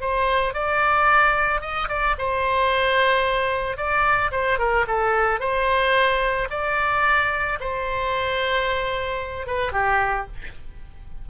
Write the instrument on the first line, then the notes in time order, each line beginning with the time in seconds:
oboe
0.00 C5
0.54 D5
1.61 D#5
1.88 D5
2.18 C5
3.77 D5
4.31 C5
4.58 A#4
4.87 A4
5.40 C5
6.50 D5
7.60 C5
9.46 B4
9.72 G4